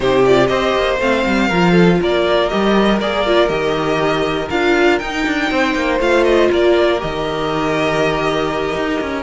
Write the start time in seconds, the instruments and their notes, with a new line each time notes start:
0.00 cello C3, viola D#4, violin G4 C5
0.25 viola F4, violin D5
0.47 cello C4, viola G4, violin C5 D#5
0.75 cello A#3
0.99 cello A3, viola C4, violin F5
1.25 cello G3
1.47 cello F3, viola F4, violin A#4
1.71 violin A4
2.01 cello A#3, violin A#4 D5
2.49 cello G3, viola G4, violin D#5
3.00 cello A#3, viola G#4, violin D5
3.26 viola F4
3.48 cello D#3, viola G4, violin D#5
4.50 cello D4, viola F4, violin F5
4.99 viola D#4, cello D#4, violin G5
5.26 cello D4
5.51 cello C4, violin C5
5.74 cello A#3
5.99 cello A3, viola F4, violin F5
6.24 violin D#5
6.50 cello A#3, violin A#4 D5
6.98 cello D#3, viola G4, violin D#5
8.75 cello D#4
9.00 cello C#4